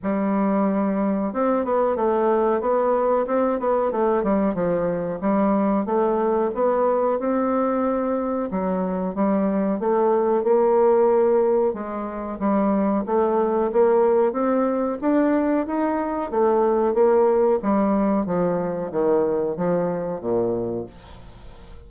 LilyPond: \new Staff \with { instrumentName = "bassoon" } { \time 4/4 \tempo 4 = 92 g2 c'8 b8 a4 | b4 c'8 b8 a8 g8 f4 | g4 a4 b4 c'4~ | c'4 fis4 g4 a4 |
ais2 gis4 g4 | a4 ais4 c'4 d'4 | dis'4 a4 ais4 g4 | f4 dis4 f4 ais,4 | }